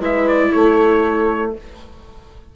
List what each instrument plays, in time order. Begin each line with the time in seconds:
0.00 bassoon G#3, viola E4, horn B4, trumpet E5
0.28 trumpet D5
0.52 bassoon A3, horn A4, trumpet C#5